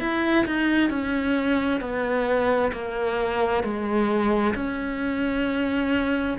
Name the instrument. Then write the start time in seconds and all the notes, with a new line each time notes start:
cello
0.00 E4
0.46 D#4
0.90 C#4
1.81 B3
2.72 A#3
3.64 G#3
4.55 C#4